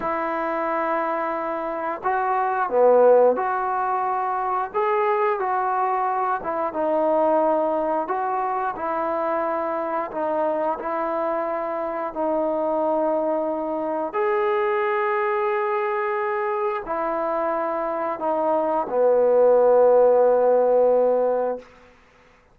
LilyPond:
\new Staff \with { instrumentName = "trombone" } { \time 4/4 \tempo 4 = 89 e'2. fis'4 | b4 fis'2 gis'4 | fis'4. e'8 dis'2 | fis'4 e'2 dis'4 |
e'2 dis'2~ | dis'4 gis'2.~ | gis'4 e'2 dis'4 | b1 | }